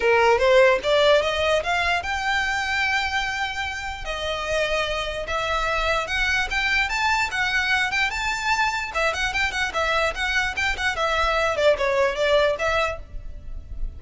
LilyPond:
\new Staff \with { instrumentName = "violin" } { \time 4/4 \tempo 4 = 148 ais'4 c''4 d''4 dis''4 | f''4 g''2.~ | g''2 dis''2~ | dis''4 e''2 fis''4 |
g''4 a''4 fis''4. g''8 | a''2 e''8 fis''8 g''8 fis''8 | e''4 fis''4 g''8 fis''8 e''4~ | e''8 d''8 cis''4 d''4 e''4 | }